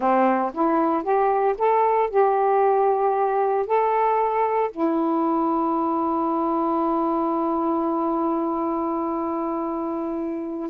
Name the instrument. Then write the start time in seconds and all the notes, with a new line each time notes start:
saxophone
0.00 C4
0.53 E4
1.03 G4
1.58 A4
2.10 G4
3.66 A4
4.71 E4